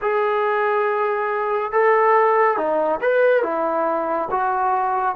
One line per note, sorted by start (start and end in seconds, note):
0.01 1.71 G#4
1.71 2.57 A4
2.57 3.00 D#4
3.01 3.42 B4
3.42 4.28 E4
4.31 5.15 F#4